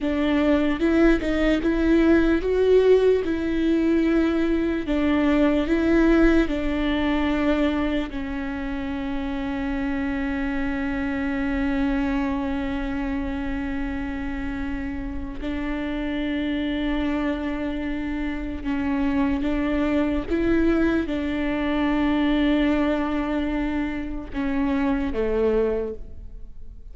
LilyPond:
\new Staff \with { instrumentName = "viola" } { \time 4/4 \tempo 4 = 74 d'4 e'8 dis'8 e'4 fis'4 | e'2 d'4 e'4 | d'2 cis'2~ | cis'1~ |
cis'2. d'4~ | d'2. cis'4 | d'4 e'4 d'2~ | d'2 cis'4 a4 | }